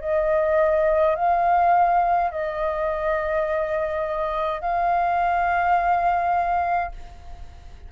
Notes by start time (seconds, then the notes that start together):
0.00 D#5
1.15 F5
2.31 D#5
4.61 F5